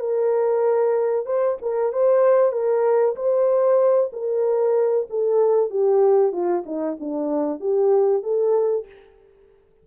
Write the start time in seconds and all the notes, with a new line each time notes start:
0.00 A#4
1.26 C5
1.62 A#4
1.93 C5
2.53 A#4
3.16 C5
4.13 A#4
5.10 A4
5.70 G4
6.33 F4
6.66 D#4
7.00 D4
7.60 G4
8.24 A4